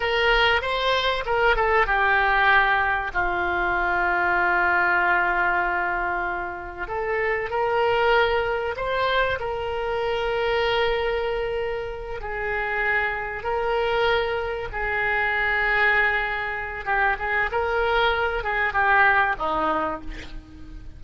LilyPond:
\new Staff \with { instrumentName = "oboe" } { \time 4/4 \tempo 4 = 96 ais'4 c''4 ais'8 a'8 g'4~ | g'4 f'2.~ | f'2. a'4 | ais'2 c''4 ais'4~ |
ais'2.~ ais'8 gis'8~ | gis'4. ais'2 gis'8~ | gis'2. g'8 gis'8 | ais'4. gis'8 g'4 dis'4 | }